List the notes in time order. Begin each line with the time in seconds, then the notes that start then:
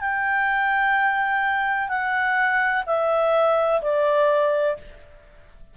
0.00 G5
1.89 F#5
2.86 E5
3.82 D5